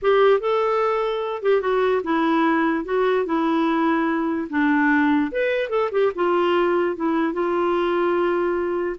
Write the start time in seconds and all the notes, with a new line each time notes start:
0.01 G4
0.40 A4
1.42 G4
1.61 F#4
2.03 E4
2.85 F#4
3.25 E4
4.49 D4
5.31 B4
5.69 A4
5.91 G4
6.15 F4
6.96 E4
7.33 F4